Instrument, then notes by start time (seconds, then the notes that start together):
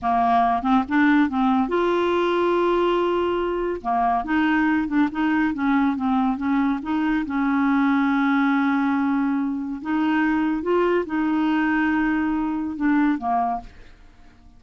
clarinet
0.02 A#3
0.62 C4
0.88 D4
1.29 C4
1.68 F4
3.81 A#3
4.24 D#4
4.87 D4
5.11 D#4
5.53 C#4
5.96 C4
6.37 C#4
6.82 D#4
7.26 C#4
9.81 D#4
10.62 F4
11.06 D#4
12.76 D4
13.18 A#3